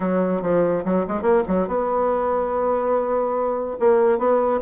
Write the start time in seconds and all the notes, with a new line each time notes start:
0.00 F#3
0.42 F3
0.84 F#3
1.07 G#3
1.22 A#3
1.47 F#3
1.67 B3
3.79 A#3
4.18 B3